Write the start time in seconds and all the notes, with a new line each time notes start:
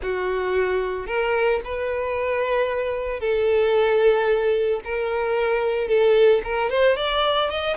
0.02 F#4
1.07 A#4
1.64 B4
3.20 A4
4.84 A#4
5.88 A4
6.44 A#4
6.70 C5
6.96 D5
7.50 D#5